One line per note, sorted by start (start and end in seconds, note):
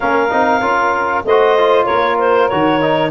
0.00 0.32 A#3
0.00 0.29 C#4
0.00 1.24 A#4
0.00 1.24 F5
0.29 0.61 C4
0.29 0.61 D#4
0.61 1.23 C#4
0.61 1.23 F4
1.24 1.86 A3
1.24 1.58 F#4
1.24 1.85 C5
1.24 1.85 D#5
1.58 2.50 F4
1.85 2.51 A#3
1.85 3.10 A#4
1.85 2.16 C#5
2.18 2.48 C5
2.48 3.11 D#3
2.48 2.81 F#4
2.48 3.11 C#5
2.81 3.11 D#4